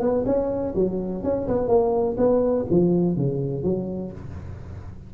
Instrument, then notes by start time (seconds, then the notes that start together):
tuba
0.00 B3
0.26 C#4
0.75 F#3
1.23 C#4
1.48 B3
1.67 A#3
2.17 B3
2.70 F3
3.16 C#3
3.63 F#3